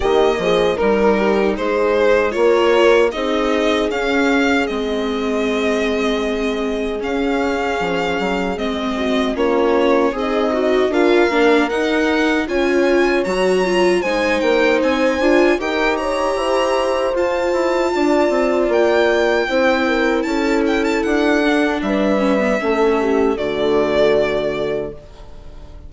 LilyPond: <<
  \new Staff \with { instrumentName = "violin" } { \time 4/4 \tempo 4 = 77 dis''4 ais'4 c''4 cis''4 | dis''4 f''4 dis''2~ | dis''4 f''2 dis''4 | cis''4 dis''4 f''4 fis''4 |
gis''4 ais''4 gis''8 g''8 gis''4 | g''8 ais''4. a''2 | g''2 a''8 g''16 a''16 fis''4 | e''2 d''2 | }
  \new Staff \with { instrumentName = "horn" } { \time 4/4 g'8 gis'8 ais'8 g'8 gis'4 ais'4 | gis'1~ | gis'2.~ gis'8 fis'8 | f'4 dis'4 ais'2 |
cis''2 c''2 | ais'8 cis''8 c''2 d''4~ | d''4 c''8 ais'8 a'2 | b'4 a'8 g'8 fis'2 | }
  \new Staff \with { instrumentName = "viola" } { \time 4/4 ais4 dis'2 f'4 | dis'4 cis'4 c'2~ | c'4 cis'2 c'4 | cis'4 gis'8 fis'8 f'8 d'8 dis'4 |
f'4 fis'8 f'8 dis'4. f'8 | g'2 f'2~ | f'4 e'2~ e'8 d'8~ | d'8 cis'16 b16 cis'4 a2 | }
  \new Staff \with { instrumentName = "bassoon" } { \time 4/4 dis8 f8 g4 gis4 ais4 | c'4 cis'4 gis2~ | gis4 cis'4 f8 fis8 gis4 | ais4 c'4 d'8 ais8 dis'4 |
cis'4 fis4 gis8 ais8 c'8 d'8 | dis'4 e'4 f'8 e'8 d'8 c'8 | ais4 c'4 cis'4 d'4 | g4 a4 d2 | }
>>